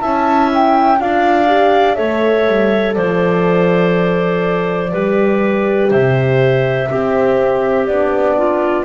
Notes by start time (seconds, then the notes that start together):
0.00 C#4 E4 E5 A5
0.55 G5
1.00 D4 F4 D5 F5
1.48 G4
1.95 A3 A4 C#5 E5
2.48 G3
2.94 F3 C5 D5
4.93 G3 G4 B4
5.91 C3 C5 E5
6.90 C4 G4
7.87 B3 D4 D5
8.38 F4